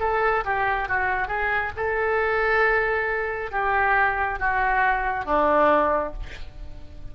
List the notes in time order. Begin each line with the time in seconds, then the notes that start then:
0.00 A4
0.45 G4
0.89 F#4
1.28 G#4
1.76 A4
3.51 G4
4.40 F#4
5.25 D4